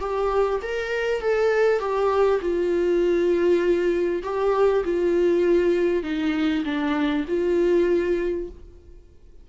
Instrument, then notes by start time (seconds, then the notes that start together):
viola
0.00 G4
0.62 A#4
1.21 A4
1.80 G4
2.41 F4
4.23 G4
4.84 F4
6.03 D#4
6.65 D4
7.28 F4